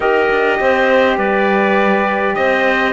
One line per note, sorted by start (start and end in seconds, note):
0.00 0.29 D#4
0.00 2.93 G4
0.00 0.59 A#4
0.00 1.17 D#5
0.30 0.59 D4
0.60 1.17 C4
0.60 1.18 C5
1.17 2.35 G3
1.17 2.35 B4
1.17 2.35 D5
2.35 2.93 C4
2.35 2.93 C5
2.35 2.93 D#5